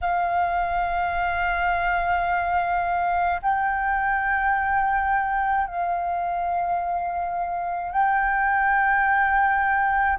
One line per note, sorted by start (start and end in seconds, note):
0.01 3.40 F5
3.42 5.67 G5
5.67 7.92 F5
7.92 10.18 G5